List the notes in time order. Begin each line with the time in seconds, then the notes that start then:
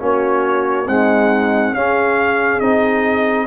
0.00 A#3 C#4 F#4 C#5
0.86 G#3 C4 D#4 F#5
1.73 C#4 G#4 F5
2.60 C4 D#4 D#5